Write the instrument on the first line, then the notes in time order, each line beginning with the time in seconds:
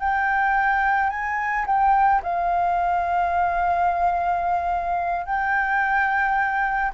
flute
0.00 G5
1.10 G#5
1.66 G5
2.23 F5
5.26 G5